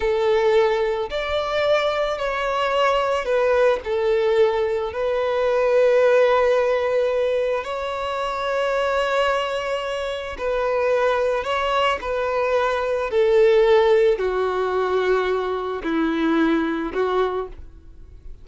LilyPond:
\new Staff \with { instrumentName = "violin" } { \time 4/4 \tempo 4 = 110 a'2 d''2 | cis''2 b'4 a'4~ | a'4 b'2.~ | b'2 cis''2~ |
cis''2. b'4~ | b'4 cis''4 b'2 | a'2 fis'2~ | fis'4 e'2 fis'4 | }